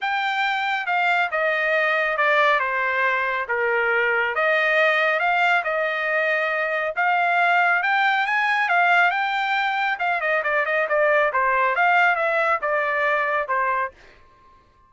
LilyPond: \new Staff \with { instrumentName = "trumpet" } { \time 4/4 \tempo 4 = 138 g''2 f''4 dis''4~ | dis''4 d''4 c''2 | ais'2 dis''2 | f''4 dis''2. |
f''2 g''4 gis''4 | f''4 g''2 f''8 dis''8 | d''8 dis''8 d''4 c''4 f''4 | e''4 d''2 c''4 | }